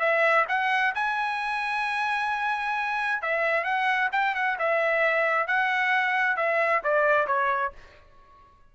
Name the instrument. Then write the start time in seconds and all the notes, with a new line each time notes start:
trumpet
0.00 E5
0.49 F#5
0.95 G#5
3.22 E5
3.64 F#5
4.12 G5
4.35 F#5
4.59 E5
5.48 F#5
6.37 E5
6.84 D5
7.27 C#5